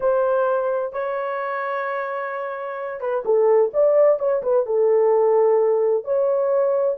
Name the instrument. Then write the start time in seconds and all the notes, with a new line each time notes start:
horn
0.00 C5
0.92 C#5
3.00 B4
3.25 A4
3.73 D5
4.19 C#5
4.42 B4
4.66 A4
6.04 C#5